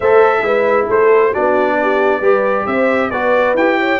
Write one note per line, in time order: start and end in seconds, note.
0.00 0.42 A3
0.00 0.44 A4
0.00 0.42 C5
0.00 0.87 E5
0.42 0.86 G#3
0.42 1.33 E4
0.42 0.87 B4
0.87 1.34 A3
0.87 1.31 A4
0.87 1.33 C5
1.32 2.20 B3
1.32 2.22 D4
1.32 1.77 F#4
1.32 2.66 D5
1.82 2.20 G4
2.20 2.65 G3
2.20 3.11 G4
2.20 2.65 B4
2.66 3.10 C4
2.66 3.11 C5
2.66 3.10 E5
3.10 3.54 B3
3.10 3.57 F#4
3.10 3.79 B4
3.10 3.54 D5
3.54 3.98 E4
3.54 4.00 G4
3.54 4.00 G5
3.79 4.00 C#5